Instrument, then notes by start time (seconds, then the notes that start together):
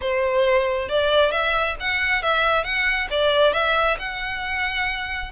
violin
0.01 C5
0.88 D5
1.31 E5
1.79 F#5
2.22 E5
2.64 F#5
3.10 D5
3.53 E5
3.98 F#5